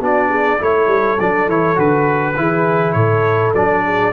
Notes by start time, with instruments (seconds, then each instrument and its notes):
0.00 tuba B3, trombone D4, horn F#4, trumpet D5
0.30 horn G#4
0.59 tuba A3, trombone E4, horn A4, trumpet C#5
0.87 tuba G3
1.20 tuba F#3, trombone D4, trumpet D5
1.47 tuba E3, trombone E4, trumpet C#5
1.75 tuba D3, trombone F#4, trumpet B4
2.36 tuba E3, trombone E4, horn G#4
2.93 tuba A2, horn A4, trumpet C#5
3.55 tuba F#3, trombone D4, trumpet D5
3.85 horn G#4